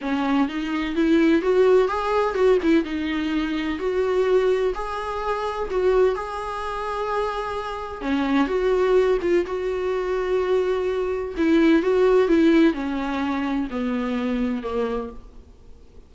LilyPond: \new Staff \with { instrumentName = "viola" } { \time 4/4 \tempo 4 = 127 cis'4 dis'4 e'4 fis'4 | gis'4 fis'8 e'8 dis'2 | fis'2 gis'2 | fis'4 gis'2.~ |
gis'4 cis'4 fis'4. f'8 | fis'1 | e'4 fis'4 e'4 cis'4~ | cis'4 b2 ais4 | }